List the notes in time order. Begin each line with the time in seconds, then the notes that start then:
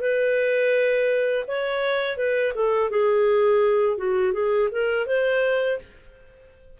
0.00 B4
1.47 C#5
2.17 B4
2.54 A4
2.90 G#4
3.97 F#4
4.32 G#4
4.71 A#4
5.06 C5